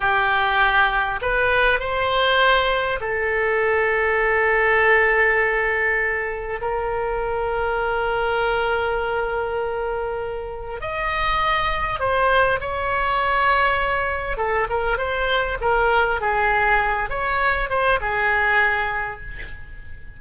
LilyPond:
\new Staff \with { instrumentName = "oboe" } { \time 4/4 \tempo 4 = 100 g'2 b'4 c''4~ | c''4 a'2.~ | a'2. ais'4~ | ais'1~ |
ais'2 dis''2 | c''4 cis''2. | a'8 ais'8 c''4 ais'4 gis'4~ | gis'8 cis''4 c''8 gis'2 | }